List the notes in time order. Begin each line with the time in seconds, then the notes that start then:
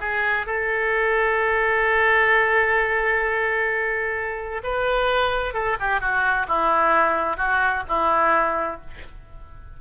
0.00 G#4
0.46 A4
4.63 B4
5.54 A4
5.80 G4
6.00 F#4
6.47 E4
7.37 F#4
7.88 E4